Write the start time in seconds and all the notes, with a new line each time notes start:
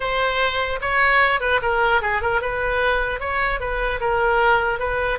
0.00 C5
0.81 C#5
1.40 B4
1.61 A#4
2.01 G#4
2.21 A#4
2.41 B4
3.19 C#5
3.59 B4
4.00 A#4
4.79 B4